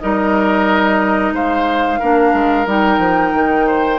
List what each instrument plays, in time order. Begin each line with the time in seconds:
0.00 bassoon G3, clarinet D#4, oboe A#4, flute D#5
1.33 bassoon G#3, oboe C5, flute F5
2.00 bassoon A#3, clarinet D4, oboe A#4
2.34 bassoon G#3
2.67 bassoon G3, clarinet D#4, flute G5
2.99 bassoon F3
3.34 bassoon D#3
3.67 oboe C5